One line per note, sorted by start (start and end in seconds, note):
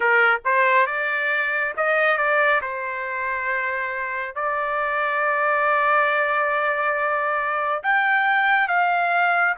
0.00 0.39 A#4
0.44 0.86 C5
0.86 1.73 D5
1.76 2.17 D#5
2.17 2.60 D5
2.61 4.35 C5
4.35 7.83 D5
7.83 8.68 G5
8.68 9.55 F5